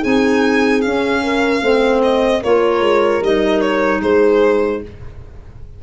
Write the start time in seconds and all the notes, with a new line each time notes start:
0.00 C4 D#4 G#4 G#5
0.81 C#4 F5
1.23 A#4
1.61 A3 C4 C5
2.03 D#5
2.42 A#3 F4 A#4 C#5
2.80 G#3
3.21 G3 D#4 D#5
3.61 C#5
4.01 G#3 G#4 C5